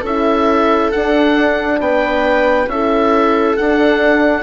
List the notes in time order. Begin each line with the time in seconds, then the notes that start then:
0.00 C#4 E4 A4 E5
0.91 D4 F#5
1.80 B3 B4 G5
2.67 C#4 E4 A4 E5
3.57 D4 F#5